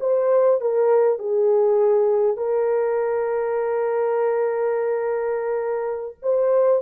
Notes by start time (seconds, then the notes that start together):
0.00 C5
0.61 A#4
1.19 G#4
2.36 A#4
6.22 C5